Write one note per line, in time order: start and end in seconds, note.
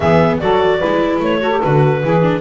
0.00 0.39 E3
0.00 0.41 B3
0.00 0.41 G#4
0.00 0.38 E5
0.39 0.82 F#3
0.39 0.81 F#4
0.39 0.79 A4
0.39 1.20 D5
0.79 1.19 G#3
0.79 1.41 E4
0.79 1.40 B4
1.19 1.60 A3
1.19 1.61 C#5
1.41 1.51 F#4
1.41 2.03 A4
1.51 1.61 G4
1.61 2.03 D3
1.61 2.04 F#4
1.61 2.41 B4
2.03 2.41 E3
2.03 2.21 E4
2.03 2.41 G#4
2.21 2.41 D4